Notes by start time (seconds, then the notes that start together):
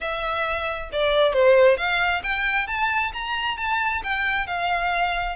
0.00 E5
0.92 D5
1.33 C5
1.77 F5
2.23 G5
2.67 A5
3.13 A#5
3.57 A5
4.03 G5
4.46 F5